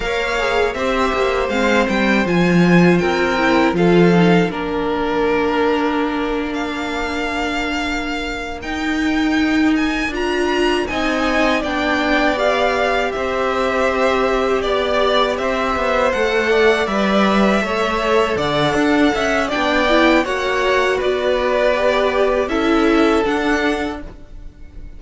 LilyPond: <<
  \new Staff \with { instrumentName = "violin" } { \time 4/4 \tempo 4 = 80 f''4 e''4 f''8 g''8 gis''4 | g''4 f''4 ais'2~ | ais'8. f''2~ f''8. g''8~ | g''4 gis''8 ais''4 gis''4 g''8~ |
g''8 f''4 e''2 d''8~ | d''8 e''4 fis''4 e''4.~ | e''8 fis''4. g''4 fis''4 | d''2 e''4 fis''4 | }
  \new Staff \with { instrumentName = "violin" } { \time 4/4 cis''4 c''2. | ais'4 a'4 ais'2~ | ais'1~ | ais'2~ ais'8 dis''4 d''8~ |
d''4. c''2 d''8~ | d''8 c''4. d''4. cis''8~ | cis''8 d''8 d'8 e''8 d''4 cis''4 | b'2 a'2 | }
  \new Staff \with { instrumentName = "viola" } { \time 4/4 ais'8 gis'8 g'4 c'4 f'4~ | f'8 e'8 f'8 dis'8 d'2~ | d'2.~ d'8 dis'8~ | dis'4. f'4 dis'4 d'8~ |
d'8 g'2.~ g'8~ | g'4. a'4 b'4 a'8~ | a'2 d'8 e'8 fis'4~ | fis'4 g'4 e'4 d'4 | }
  \new Staff \with { instrumentName = "cello" } { \time 4/4 ais4 c'8 ais8 gis8 g8 f4 | c'4 f4 ais2~ | ais2.~ ais8 dis'8~ | dis'4. d'4 c'4 b8~ |
b4. c'2 b8~ | b8 c'8 b8 a4 g4 a8~ | a8 d8 d'8 cis'8 b4 ais4 | b2 cis'4 d'4 | }
>>